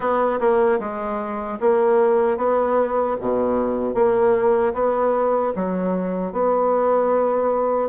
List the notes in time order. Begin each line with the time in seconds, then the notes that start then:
0.00 B3
0.39 A#3
0.79 G#3
1.60 A#3
2.37 B3
3.20 B2
3.94 A#3
4.73 B3
5.55 F#3
6.32 B3